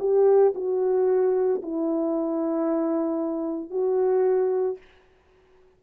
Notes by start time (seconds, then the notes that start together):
0.00 G4
0.55 F#4
1.63 E4
3.71 F#4